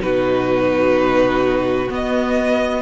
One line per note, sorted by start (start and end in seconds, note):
0.00 1.88 B2
0.00 1.88 D#4
0.00 2.82 F#4
0.00 1.90 B4
1.90 2.82 B3
1.90 2.82 D#5